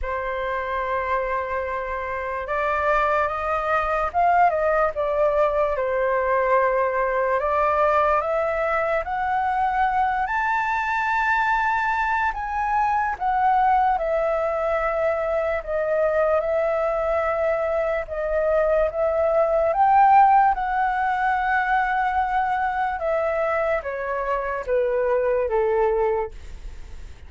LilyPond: \new Staff \with { instrumentName = "flute" } { \time 4/4 \tempo 4 = 73 c''2. d''4 | dis''4 f''8 dis''8 d''4 c''4~ | c''4 d''4 e''4 fis''4~ | fis''8 a''2~ a''8 gis''4 |
fis''4 e''2 dis''4 | e''2 dis''4 e''4 | g''4 fis''2. | e''4 cis''4 b'4 a'4 | }